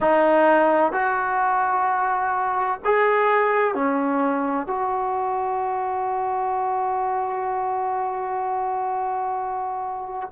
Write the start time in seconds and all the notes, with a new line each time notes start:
0.00 D#4
0.92 F#4
2.85 G#4
3.74 C#4
4.66 F#4